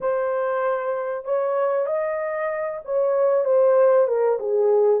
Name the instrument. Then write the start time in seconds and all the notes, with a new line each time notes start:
horn
0.00 C5
1.24 C#5
1.86 D#5
2.84 C#5
3.45 C5
4.07 A#4
4.39 G#4